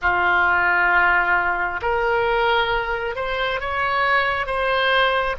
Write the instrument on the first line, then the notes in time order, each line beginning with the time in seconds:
oboe
0.01 F4
1.82 A#4
3.15 C5
3.60 C#5
4.46 C5